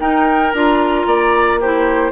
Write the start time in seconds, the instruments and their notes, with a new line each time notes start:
0.00 clarinet D#4, bassoon D#4, oboe A#4, flute G5
0.53 bassoon D4, clarinet F4, flute A#5
1.07 bassoon A#3, oboe D5
1.61 clarinet E4, oboe G4, flute C5